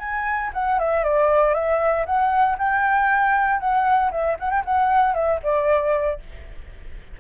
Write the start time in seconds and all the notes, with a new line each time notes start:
0.00 G#5
0.54 F#5
0.79 E5
1.04 D5
1.54 E5
2.06 F#5
2.59 G5
3.60 F#5
4.12 E5
4.40 F#5
4.51 G5
4.65 F#5
5.15 E5
5.43 D5